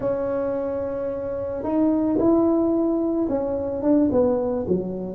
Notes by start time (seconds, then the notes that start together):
0.00 C#4
1.63 D#4
2.18 E4
3.29 C#4
3.82 D4
4.11 B3
4.67 F#3